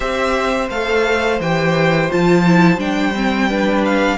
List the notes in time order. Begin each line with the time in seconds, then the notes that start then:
0.00 C4 G4 C5 E5
0.70 A3 A4 F5
1.40 E3 G4 G5
2.09 F3 F4 A5
2.46 E4
2.77 G3 D4 G5
3.15 C4
3.49 D4 B4
3.84 F5